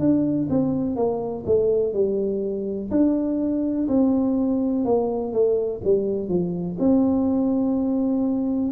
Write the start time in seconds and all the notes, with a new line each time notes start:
0.00 D4
0.50 C4
0.96 A#3
1.46 A3
1.94 G3
2.91 D4
3.88 C4
4.85 A#3
5.34 A3
5.84 G3
6.29 F3
6.80 C4